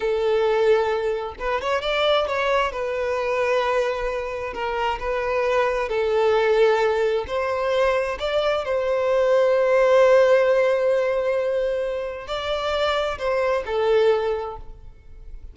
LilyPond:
\new Staff \with { instrumentName = "violin" } { \time 4/4 \tempo 4 = 132 a'2. b'8 cis''8 | d''4 cis''4 b'2~ | b'2 ais'4 b'4~ | b'4 a'2. |
c''2 d''4 c''4~ | c''1~ | c''2. d''4~ | d''4 c''4 a'2 | }